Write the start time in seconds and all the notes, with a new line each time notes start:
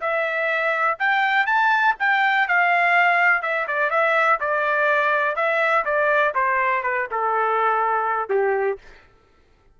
0.00 E5
0.99 G5
1.46 A5
1.99 G5
2.48 F5
3.42 E5
3.67 D5
3.90 E5
4.40 D5
5.36 E5
5.85 D5
6.34 C5
6.82 B4
7.11 A4
8.29 G4